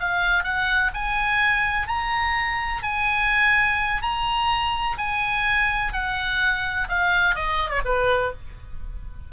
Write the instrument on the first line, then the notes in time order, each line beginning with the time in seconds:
oboe
0.00 F5
0.43 F#5
0.94 G#5
1.87 A#5
2.83 G#5
4.02 A#5
4.97 G#5
5.92 F#5
6.89 F5
7.35 D#5
7.69 C#5
7.85 B4